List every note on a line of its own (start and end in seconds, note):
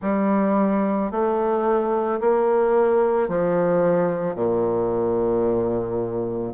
0.01 1.11 G3
1.11 2.20 A3
2.20 3.28 A#3
3.28 4.35 F3
4.35 6.53 A#2